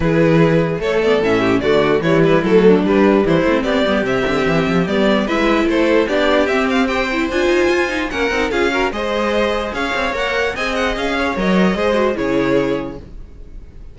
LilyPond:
<<
  \new Staff \with { instrumentName = "violin" } { \time 4/4 \tempo 4 = 148 b'2 cis''8 d''8 e''4 | d''4 cis''8 b'8 a'4 b'4 | c''4 d''4 e''2 | d''4 e''4 c''4 d''4 |
e''8 f''8 g''4 gis''2 | fis''4 f''4 dis''2 | f''4 fis''4 gis''8 fis''8 f''4 | dis''2 cis''2 | }
  \new Staff \with { instrumentName = "violin" } { \time 4/4 gis'2 a'4. g'8 | fis'4 e'4. d'4. | e'4 g'2.~ | g'4 b'4 a'4 g'4~ |
g'4 c''2. | ais'4 gis'8 ais'8 c''2 | cis''2 dis''4. cis''8~ | cis''4 c''4 gis'2 | }
  \new Staff \with { instrumentName = "viola" } { \time 4/4 e'2 a8 b8 cis'4 | a4 g4 a4 g4~ | g8 c'4 b8 c'2 | b4 e'2 d'4 |
c'4 g'8 e'8 f'4. dis'8 | cis'8 dis'8 f'8 fis'8 gis'2~ | gis'4 ais'4 gis'2 | ais'4 gis'8 fis'8 e'2 | }
  \new Staff \with { instrumentName = "cello" } { \time 4/4 e2 a4 a,4 | d4 e4 fis4 g4 | e8 a8 b8 g8 c8 d8 e8 f8 | g4 gis4 a4 b4 |
c'2 d'8 dis'8 f'4 | ais8 c'8 cis'4 gis2 | cis'8 c'8 ais4 c'4 cis'4 | fis4 gis4 cis2 | }
>>